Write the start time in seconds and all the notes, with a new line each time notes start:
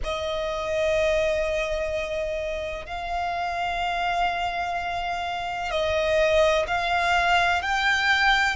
0.03 D#5
2.86 F5
5.70 D#5
6.67 F5
7.62 G5